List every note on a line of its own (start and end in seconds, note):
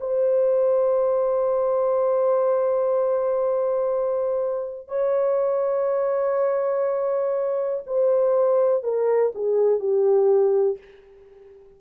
0.00 4.88 C5
4.88 7.83 C#5
7.87 8.83 C5
8.83 9.33 A#4
9.35 9.80 G#4
9.80 10.78 G4